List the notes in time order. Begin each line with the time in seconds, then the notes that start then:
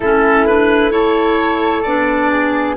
0.00 A3 C#4 E4 A4
0.46 D4 B4
0.90 E4 A4 C#5
1.82 B3 D4 D5
2.30 G#4